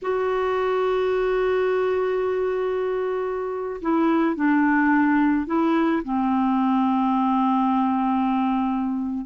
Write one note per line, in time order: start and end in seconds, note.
0.02 3.80 F#4
3.81 4.35 E4
4.35 5.46 D4
5.46 6.02 E4
6.03 9.25 C4